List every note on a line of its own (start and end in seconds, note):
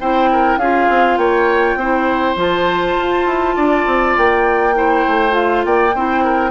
0.00 0.57 C4
0.00 0.60 E4
0.00 0.30 C5
0.00 0.59 G5
0.32 0.59 A#4
0.57 0.87 C#4
0.57 1.80 F4
0.57 1.18 G#4
0.57 1.17 F5
0.89 1.17 C4
1.17 1.75 A#3
1.17 1.78 C#5
1.17 2.36 G5
1.75 2.35 C4
1.75 2.36 E4
1.75 3.56 C5
2.36 2.95 F3
2.36 4.74 F4
2.36 4.18 A5
2.98 3.26 F4
3.26 3.55 E4
3.56 3.86 D4
3.56 4.75 D5
3.86 4.16 C4
4.17 5.06 A#3
4.17 5.35 G5
4.74 5.30 E4
4.74 5.66 C5
5.07 5.65 A3
5.30 5.90 F4
5.30 5.64 F5
5.65 5.94 A#3
5.65 5.95 D5
5.65 6.50 G5
5.94 6.50 C4
5.94 6.50 E4
5.94 6.24 C5
6.24 6.50 A#4